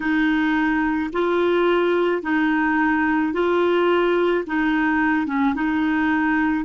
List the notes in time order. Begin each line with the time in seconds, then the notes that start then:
0.00 D#4
1.12 F4
2.22 D#4
3.33 F4
4.46 D#4
5.26 C#4
5.55 D#4